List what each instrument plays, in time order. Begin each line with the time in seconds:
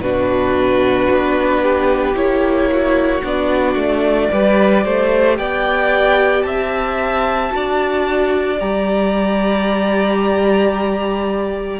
0.00 cello B2, viola D4, violin F#4 B4
1.10 cello B3
1.62 violin G4
2.14 cello A#3, viola E4, violin C#5
2.71 violin F#4
3.23 cello B3, viola D4, violin D5
3.75 cello A3
4.31 cello G3, viola G4, violin B4
4.84 cello A3, violin C5
5.36 cello B3, violin D5 G5
6.42 cello C4, violin E5 A5
7.49 cello D4, viola F#4, violin D5
8.59 cello G3, viola G4, violin A#5